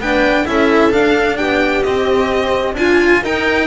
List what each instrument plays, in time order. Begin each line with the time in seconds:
0.00 double bass B3, cello D4, viola B4, violin G5
0.46 double bass C#4, cello E4, viola A4, violin E5
0.92 cello D4, double bass D4, violin F5
1.37 double bass B3, viola G4, violin G5
1.83 cello C4, double bass C4, violin D#5
2.74 double bass D4, viola F4, cello F4, violin G#5
3.22 double bass D#4, cello D#4, viola A#4, violin G5